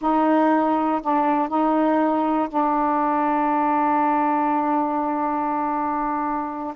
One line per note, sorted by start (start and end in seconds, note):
0.01 1.01 D#4
1.02 1.48 D4
1.48 2.48 D#4
2.48 6.73 D4